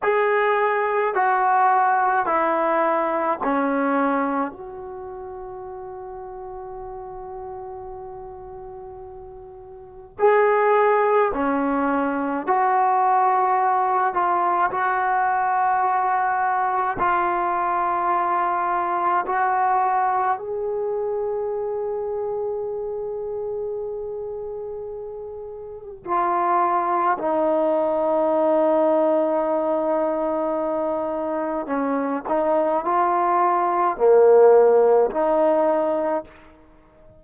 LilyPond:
\new Staff \with { instrumentName = "trombone" } { \time 4/4 \tempo 4 = 53 gis'4 fis'4 e'4 cis'4 | fis'1~ | fis'4 gis'4 cis'4 fis'4~ | fis'8 f'8 fis'2 f'4~ |
f'4 fis'4 gis'2~ | gis'2. f'4 | dis'1 | cis'8 dis'8 f'4 ais4 dis'4 | }